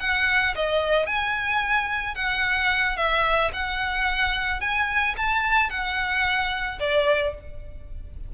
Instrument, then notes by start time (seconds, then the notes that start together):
violin
0.00 F#5
0.56 D#5
1.06 G#5
2.15 F#5
2.97 E5
3.53 F#5
4.60 G#5
5.17 A5
5.70 F#5
6.80 D5